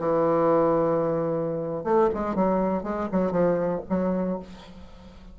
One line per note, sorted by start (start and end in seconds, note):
0.00 1.85 E3
1.85 2.10 A3
2.14 2.36 G#3
2.36 2.84 F#3
2.84 3.09 G#3
3.12 3.32 F#3
3.32 3.82 F3
3.90 4.40 F#3